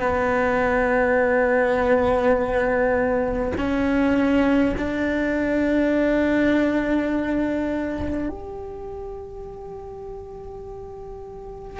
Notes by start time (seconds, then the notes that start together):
0.00 B3
3.58 C#4
4.77 D4
8.29 G4